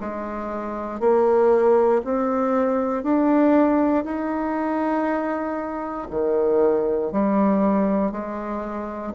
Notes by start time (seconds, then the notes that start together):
0.00 G#3
1.00 A#3
2.04 C4
3.03 D4
4.04 D#4
6.10 D#3
7.12 G3
8.12 G#3